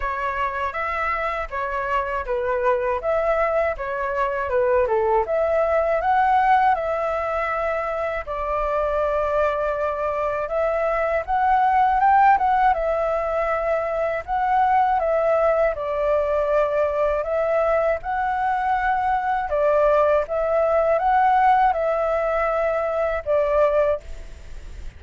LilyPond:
\new Staff \with { instrumentName = "flute" } { \time 4/4 \tempo 4 = 80 cis''4 e''4 cis''4 b'4 | e''4 cis''4 b'8 a'8 e''4 | fis''4 e''2 d''4~ | d''2 e''4 fis''4 |
g''8 fis''8 e''2 fis''4 | e''4 d''2 e''4 | fis''2 d''4 e''4 | fis''4 e''2 d''4 | }